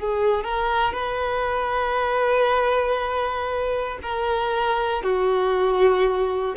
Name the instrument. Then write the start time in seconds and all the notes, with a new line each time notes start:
violin
0.00 G#4
0.44 A#4
0.94 B4
4.03 A#4
5.03 F#4